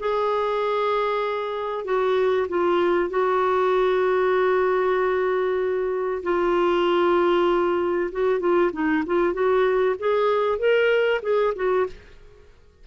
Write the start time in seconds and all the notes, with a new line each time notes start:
0.00 G#4
1.85 F#4
2.49 F4
3.10 F#4
6.23 F4
8.12 F#4
8.40 F4
8.73 D#4
9.07 F4
9.34 F#4
9.99 G#4
10.59 A#4
11.23 G#4
11.56 F#4